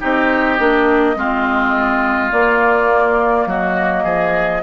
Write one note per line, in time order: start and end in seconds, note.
0.00 0.59 C4
0.00 0.58 D#4
0.00 1.15 G4
0.00 2.32 D#5
0.58 1.16 A#3
0.58 1.16 D4
1.16 2.31 G#3
1.16 2.31 C4
1.16 3.48 F4
2.31 4.62 A#3
2.31 3.46 A#3
2.31 3.47 D5
3.46 4.04 F#3
3.46 4.04 F#4
3.46 4.62 D#5
4.04 4.62 F3
4.04 4.61 G#4